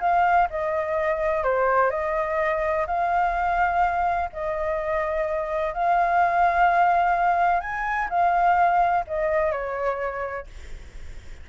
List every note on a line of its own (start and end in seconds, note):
0.00 0.48 F5
0.50 1.44 D#5
1.44 1.90 C5
1.90 2.86 D#5
2.87 4.30 F5
4.33 5.73 D#5
5.73 7.60 F5
7.60 8.08 G#5
8.09 9.05 F5
9.07 9.52 D#5
9.52 10.47 C#5